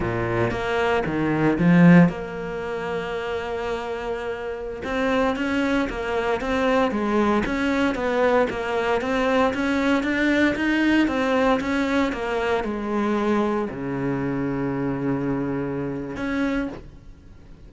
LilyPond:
\new Staff \with { instrumentName = "cello" } { \time 4/4 \tempo 4 = 115 ais,4 ais4 dis4 f4 | ais1~ | ais4~ ais16 c'4 cis'4 ais8.~ | ais16 c'4 gis4 cis'4 b8.~ |
b16 ais4 c'4 cis'4 d'8.~ | d'16 dis'4 c'4 cis'4 ais8.~ | ais16 gis2 cis4.~ cis16~ | cis2. cis'4 | }